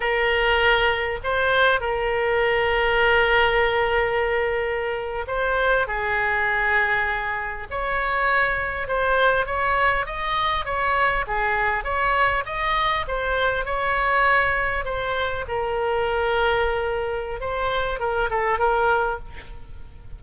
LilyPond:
\new Staff \with { instrumentName = "oboe" } { \time 4/4 \tempo 4 = 100 ais'2 c''4 ais'4~ | ais'1~ | ais'8. c''4 gis'2~ gis'16~ | gis'8. cis''2 c''4 cis''16~ |
cis''8. dis''4 cis''4 gis'4 cis''16~ | cis''8. dis''4 c''4 cis''4~ cis''16~ | cis''8. c''4 ais'2~ ais'16~ | ais'4 c''4 ais'8 a'8 ais'4 | }